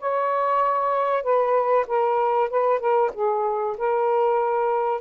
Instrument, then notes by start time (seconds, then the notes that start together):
saxophone
0.00 C#5
1.24 B4
1.88 A#4
2.50 B4
2.80 A#4
3.14 G#4
3.78 A#4